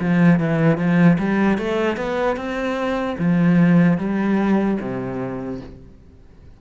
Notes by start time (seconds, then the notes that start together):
0.00 F3
0.40 E3
0.78 F3
1.19 G3
1.58 A3
1.97 B3
2.37 C4
3.19 F3
3.98 G3
4.80 C3